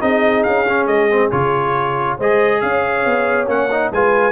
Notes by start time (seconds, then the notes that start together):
0.00 C4 D#4 G#4 D#5
0.43 C#4 F5
0.68 C#4
0.87 G#3 D#5
1.10 C4
1.31 C#3 F4 C#5
2.16 G#3 G#4 C5 D#5
2.61 C#4 C#5 F5
3.05 B3
3.47 A#3 C#4 F#5
3.71 D#4
3.92 G#3 F4 B4 G#5